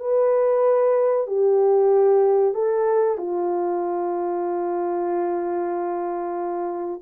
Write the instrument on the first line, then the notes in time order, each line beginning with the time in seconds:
horn
0.00 B4
1.27 G4
2.54 A4
3.18 F4